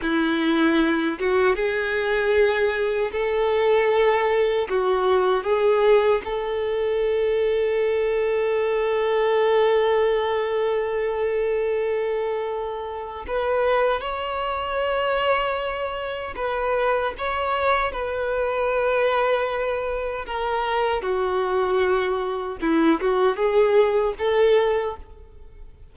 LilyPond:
\new Staff \with { instrumentName = "violin" } { \time 4/4 \tempo 4 = 77 e'4. fis'8 gis'2 | a'2 fis'4 gis'4 | a'1~ | a'1~ |
a'4 b'4 cis''2~ | cis''4 b'4 cis''4 b'4~ | b'2 ais'4 fis'4~ | fis'4 e'8 fis'8 gis'4 a'4 | }